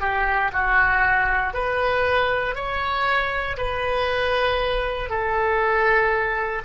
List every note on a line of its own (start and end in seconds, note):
0.00 0.51 G4
0.52 1.53 F#4
1.53 2.55 B4
2.55 3.56 C#5
3.57 5.09 B4
5.09 6.62 A4